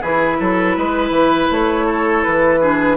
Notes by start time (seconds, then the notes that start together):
0.00 E3 E4 G#4 B4
0.40 F#3 A4
0.77 G#3 B4
1.10 E3
1.51 A3 C#5
1.86 A4
2.23 E3 B4
2.60 D4 G#4